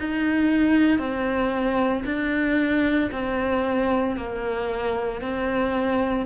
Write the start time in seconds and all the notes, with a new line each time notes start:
0.00 D#4
0.99 C4
2.06 D4
3.12 C4
4.17 A#3
5.22 C4